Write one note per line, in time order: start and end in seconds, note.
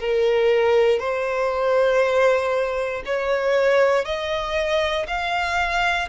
0.00 1.00 A#4
1.00 3.03 C5
3.06 4.05 C#5
4.05 5.07 D#5
5.08 6.09 F5